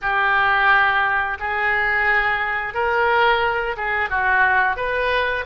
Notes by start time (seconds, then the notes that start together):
0.01 G4
1.39 G#4
2.73 A#4
3.77 G#4
4.09 F#4
4.76 B4